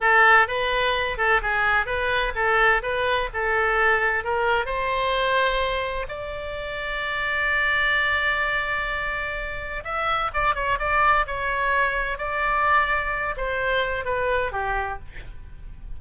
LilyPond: \new Staff \with { instrumentName = "oboe" } { \time 4/4 \tempo 4 = 128 a'4 b'4. a'8 gis'4 | b'4 a'4 b'4 a'4~ | a'4 ais'4 c''2~ | c''4 d''2.~ |
d''1~ | d''4 e''4 d''8 cis''8 d''4 | cis''2 d''2~ | d''8 c''4. b'4 g'4 | }